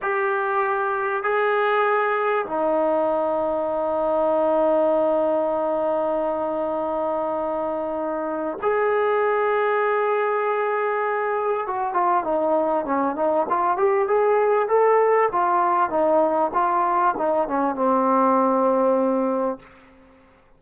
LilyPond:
\new Staff \with { instrumentName = "trombone" } { \time 4/4 \tempo 4 = 98 g'2 gis'2 | dis'1~ | dis'1~ | dis'2 gis'2~ |
gis'2. fis'8 f'8 | dis'4 cis'8 dis'8 f'8 g'8 gis'4 | a'4 f'4 dis'4 f'4 | dis'8 cis'8 c'2. | }